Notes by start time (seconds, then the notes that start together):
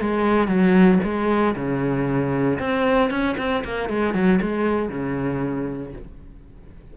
0.00 G#3
0.47 F#3
1.03 G#3
1.55 C#3
2.59 C4
3.10 C#4
3.37 C4
3.64 A#3
3.89 G#3
4.14 F#3
4.42 G#3
4.89 C#3